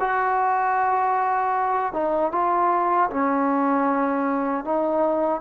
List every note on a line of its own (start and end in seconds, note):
0.00 1.93 F#4
1.93 2.32 D#4
2.32 3.10 F4
3.10 4.65 C#4
4.65 5.41 D#4